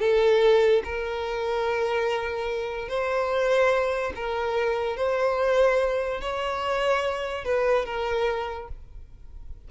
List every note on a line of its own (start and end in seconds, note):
0.00 0.83 A4
0.84 2.89 A#4
2.89 4.13 C5
4.16 4.97 A#4
4.97 6.21 C5
6.21 7.45 C#5
7.45 7.85 B4
7.85 8.68 A#4